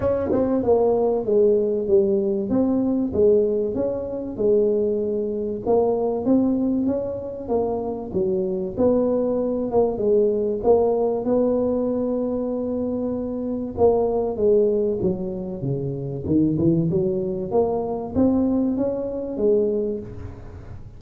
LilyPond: \new Staff \with { instrumentName = "tuba" } { \time 4/4 \tempo 4 = 96 cis'8 c'8 ais4 gis4 g4 | c'4 gis4 cis'4 gis4~ | gis4 ais4 c'4 cis'4 | ais4 fis4 b4. ais8 |
gis4 ais4 b2~ | b2 ais4 gis4 | fis4 cis4 dis8 e8 fis4 | ais4 c'4 cis'4 gis4 | }